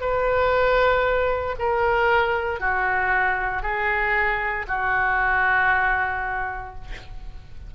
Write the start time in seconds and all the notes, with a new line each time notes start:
0.00 B4
1.58 A#4
2.60 F#4
3.62 G#4
4.67 F#4